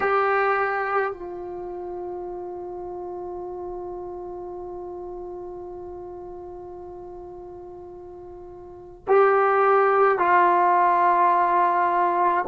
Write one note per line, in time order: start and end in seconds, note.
0.00 1.13 G4
1.13 9.05 F4
9.07 10.18 G4
10.18 12.45 F4